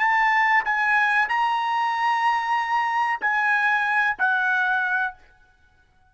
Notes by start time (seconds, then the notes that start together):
0.00 A5
0.65 G#5
1.29 A#5
3.21 G#5
4.19 F#5